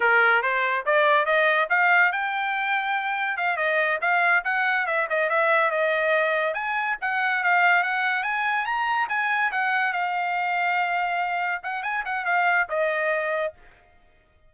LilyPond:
\new Staff \with { instrumentName = "trumpet" } { \time 4/4 \tempo 4 = 142 ais'4 c''4 d''4 dis''4 | f''4 g''2. | f''8 dis''4 f''4 fis''4 e''8 | dis''8 e''4 dis''2 gis''8~ |
gis''8 fis''4 f''4 fis''4 gis''8~ | gis''8 ais''4 gis''4 fis''4 f''8~ | f''2.~ f''8 fis''8 | gis''8 fis''8 f''4 dis''2 | }